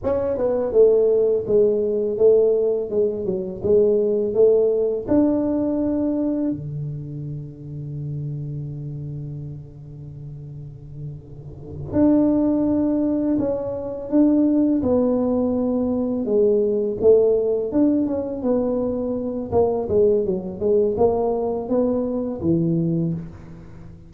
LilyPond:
\new Staff \with { instrumentName = "tuba" } { \time 4/4 \tempo 4 = 83 cis'8 b8 a4 gis4 a4 | gis8 fis8 gis4 a4 d'4~ | d'4 d2.~ | d1~ |
d8 d'2 cis'4 d'8~ | d'8 b2 gis4 a8~ | a8 d'8 cis'8 b4. ais8 gis8 | fis8 gis8 ais4 b4 e4 | }